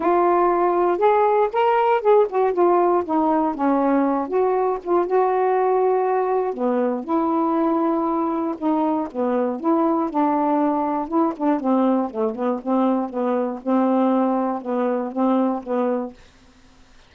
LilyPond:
\new Staff \with { instrumentName = "saxophone" } { \time 4/4 \tempo 4 = 119 f'2 gis'4 ais'4 | gis'8 fis'8 f'4 dis'4 cis'4~ | cis'8 fis'4 f'8 fis'2~ | fis'4 b4 e'2~ |
e'4 dis'4 b4 e'4 | d'2 e'8 d'8 c'4 | a8 b8 c'4 b4 c'4~ | c'4 b4 c'4 b4 | }